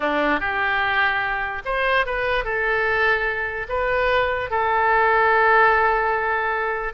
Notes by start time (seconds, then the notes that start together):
0.00 D4
0.40 G4
1.65 C5
2.06 B4
2.44 A4
3.68 B4
4.50 A4